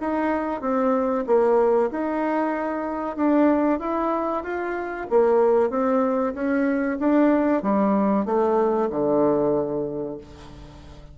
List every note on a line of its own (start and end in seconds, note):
0.00 0.61 D#4
0.61 1.24 C4
1.26 1.90 A#3
1.91 3.16 D#4
3.16 3.79 D4
3.79 4.43 E4
4.43 5.07 F4
5.09 5.70 A#3
5.70 6.34 C4
6.34 6.98 C#4
7.00 7.62 D4
7.62 8.25 G3
8.25 8.89 A3
8.90 10.18 D3